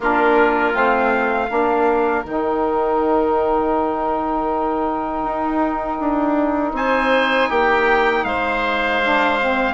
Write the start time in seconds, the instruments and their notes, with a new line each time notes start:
0.00 bassoon A#3, saxophone D4, oboe F4, trumpet A#4
0.72 bassoon A3, saxophone C4, trumpet F5
1.48 bassoon A#3, saxophone D4, oboe A#4
2.24 bassoon D#3, saxophone D#4, trumpet G5
5.23 bassoon D#4
5.99 bassoon D4
6.72 bassoon C4, oboe C5, trumpet G#5
7.49 bassoon A#3, oboe G4, trumpet G5
8.24 bassoon G#3, oboe C5, trumpet F5
9.02 saxophone D4
9.40 saxophone C4